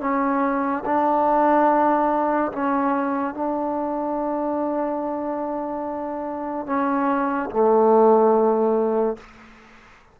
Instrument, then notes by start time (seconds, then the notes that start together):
trombone
0.00 C#4
0.85 D4
2.52 C#4
3.34 D4
6.66 C#4
7.50 A3